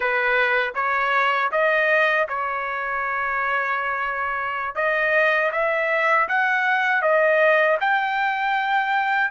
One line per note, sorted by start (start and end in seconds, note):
0.00 0.72 B4
0.74 1.50 C#5
1.51 2.27 D#5
2.28 4.75 C#5
4.75 5.51 D#5
5.52 6.28 E5
6.28 7.01 F#5
7.01 7.77 D#5
7.80 9.30 G5